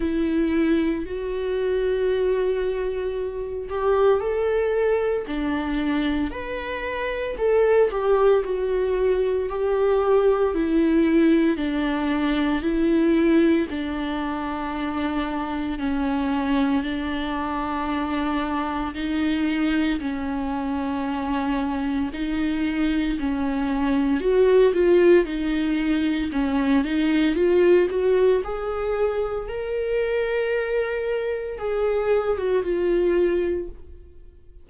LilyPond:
\new Staff \with { instrumentName = "viola" } { \time 4/4 \tempo 4 = 57 e'4 fis'2~ fis'8 g'8 | a'4 d'4 b'4 a'8 g'8 | fis'4 g'4 e'4 d'4 | e'4 d'2 cis'4 |
d'2 dis'4 cis'4~ | cis'4 dis'4 cis'4 fis'8 f'8 | dis'4 cis'8 dis'8 f'8 fis'8 gis'4 | ais'2 gis'8. fis'16 f'4 | }